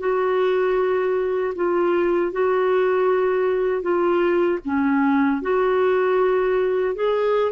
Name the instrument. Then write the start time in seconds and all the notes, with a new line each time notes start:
clarinet
0.00 F#4
1.56 F4
2.33 F#4
3.82 F4
4.65 C#4
5.42 F#4
6.95 G#4